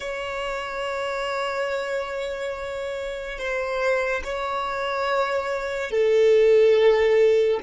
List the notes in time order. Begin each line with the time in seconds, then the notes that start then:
0.00 C#5
3.38 C5
4.24 C#5
5.90 A4